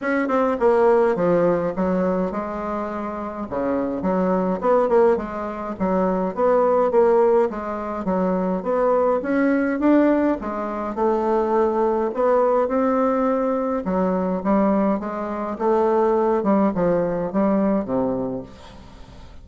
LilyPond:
\new Staff \with { instrumentName = "bassoon" } { \time 4/4 \tempo 4 = 104 cis'8 c'8 ais4 f4 fis4 | gis2 cis4 fis4 | b8 ais8 gis4 fis4 b4 | ais4 gis4 fis4 b4 |
cis'4 d'4 gis4 a4~ | a4 b4 c'2 | fis4 g4 gis4 a4~ | a8 g8 f4 g4 c4 | }